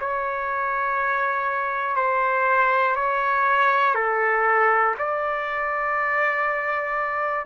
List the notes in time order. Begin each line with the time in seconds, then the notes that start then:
0.00 C#5
1.96 C5
2.95 C#5
3.95 A4
4.98 D5